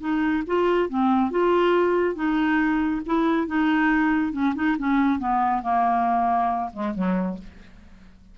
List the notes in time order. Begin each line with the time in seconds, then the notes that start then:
0.00 D#4
0.47 F4
0.89 C4
1.31 F4
2.15 D#4
3.06 E4
3.47 D#4
4.32 C#4
4.55 D#4
4.78 C#4
5.19 B3
5.62 A#3
6.73 G#3
6.95 F#3